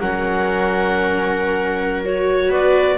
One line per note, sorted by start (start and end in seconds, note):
0.00 2.50 F#3
0.00 2.04 C#4
0.00 2.48 A#4
0.00 2.03 F#5
2.05 2.98 F#4
2.05 2.52 C#5
2.48 2.97 B3
2.48 2.96 B4
2.48 2.98 D5